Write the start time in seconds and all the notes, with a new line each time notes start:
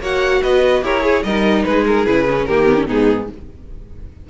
0.00 A#3 F#4 C#5 F#5
0.42 B3 B4 D#5
0.82 E4 G4 A#4 C#5
1.00 G#4
1.23 G3 D#4 A#4 D#5
1.64 G#3 G#4 B4
1.86 A#4
2.06 C#3 E4 B4
2.30 C#4
2.45 D#3 A#3 G4 A#4
2.66 B3
2.76 C#4
2.86 G#2 B3 D#4 G#4